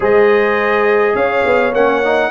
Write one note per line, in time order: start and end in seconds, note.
0.00 1.14 G#3
0.00 1.72 G#4
0.00 1.15 C5
0.00 1.15 D#5
1.14 1.43 C#4
1.14 2.30 C#5
1.14 1.73 F5
1.45 1.73 B3
1.73 2.30 A#3
1.73 2.03 C#4
1.73 2.30 F#5
2.03 2.30 D#4